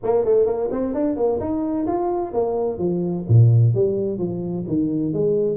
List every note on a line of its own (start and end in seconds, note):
0.03 0.24 A#3
0.24 0.46 A3
0.46 0.69 A#3
0.71 0.94 C4
0.94 1.16 D4
1.16 1.39 A#3
1.40 1.86 D#4
1.86 2.33 F4
2.33 2.78 A#3
2.78 3.25 F3
3.28 3.74 A#2
3.74 4.18 G3
4.18 4.64 F3
4.67 5.13 D#3
5.13 5.57 G#3